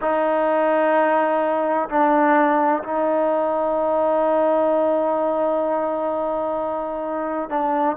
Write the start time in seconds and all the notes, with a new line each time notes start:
0.01 D#4
1.89 D4
2.83 D#4
7.49 D4